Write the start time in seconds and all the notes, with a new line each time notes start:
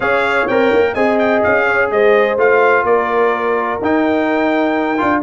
0.00 C#4 G#4 C#5 F5
0.47 C4 A#4 G5
0.73 A#3
0.93 C4 G#4 D#5 G#5
1.18 G5
1.43 C#4 F5
1.65 C#5
1.90 G#3 C5 D#5
2.37 A3 F4 F5
2.83 A#3 A#4 D5
3.81 D#4 G5
4.97 D4 F4